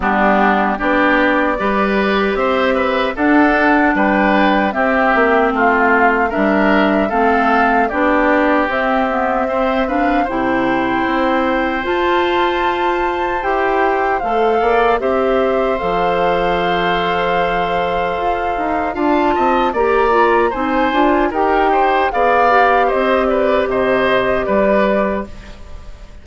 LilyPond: <<
  \new Staff \with { instrumentName = "flute" } { \time 4/4 \tempo 4 = 76 g'4 d''2 e''4 | fis''4 g''4 e''4 f''4 | e''4 f''4 d''4 e''4~ | e''8 f''8 g''2 a''4~ |
a''4 g''4 f''4 e''4 | f''1 | a''4 ais''4 gis''4 g''4 | f''4 dis''8 d''8 dis''4 d''4 | }
  \new Staff \with { instrumentName = "oboe" } { \time 4/4 d'4 g'4 b'4 c''8 b'8 | a'4 b'4 g'4 f'4 | ais'4 a'4 g'2 | c''8 b'8 c''2.~ |
c''2~ c''8 d''8 c''4~ | c''1 | f''8 dis''8 d''4 c''4 ais'8 c''8 | d''4 c''8 b'8 c''4 b'4 | }
  \new Staff \with { instrumentName = "clarinet" } { \time 4/4 b4 d'4 g'2 | d'2 c'2 | d'4 c'4 d'4 c'8 b8 | c'8 d'8 e'2 f'4~ |
f'4 g'4 a'4 g'4 | a'1 | f'4 g'8 f'8 dis'8 f'8 g'4 | gis'8 g'2.~ g'8 | }
  \new Staff \with { instrumentName = "bassoon" } { \time 4/4 g4 b4 g4 c'4 | d'4 g4 c'8 ais8 a4 | g4 a4 b4 c'4~ | c'4 c4 c'4 f'4~ |
f'4 e'4 a8 ais8 c'4 | f2. f'8 dis'8 | d'8 c'8 ais4 c'8 d'8 dis'4 | b4 c'4 c4 g4 | }
>>